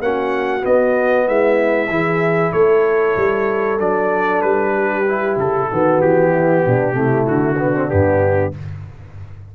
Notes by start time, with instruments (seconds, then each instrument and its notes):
0.00 tuba A#3, trombone C#4, horn F#4, trumpet F#5
0.61 trombone B3, tuba B3, trumpet D#5
1.27 tuba G#3, horn E4, trumpet E5
1.90 tuba E3, trombone E4, horn G#4
2.53 tuba A3, horn A4, trumpet C#5
3.17 tuba G3
3.80 tuba F#3, trombone D4, trumpet D5
4.42 tuba G3, trumpet B4
4.74 horn G4
5.09 trombone E4
5.37 tuba C#3, trumpet A4
5.72 tuba D#3, trombone B3, horn F#4
6.02 tuba E3, trumpet G4
6.31 horn E4
6.66 tuba B2, horn D4
6.92 tuba C3, trombone A3, horn E4
7.27 tuba D3, trumpet F#4
7.59 trombone B3, horn D4
7.74 trombone C4
7.89 tuba G2, trombone B3, trumpet G4